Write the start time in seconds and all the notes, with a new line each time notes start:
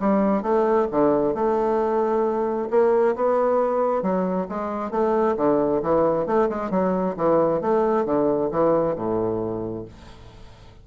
0.00 G3
0.42 A3
0.91 D3
1.35 A3
2.70 A#3
3.16 B3
4.02 F#3
4.49 G#3
4.91 A3
5.37 D3
5.82 E3
6.26 A3
6.49 G#3
6.70 F#3
7.17 E3
7.61 A3
8.05 D3
8.51 E3
8.96 A2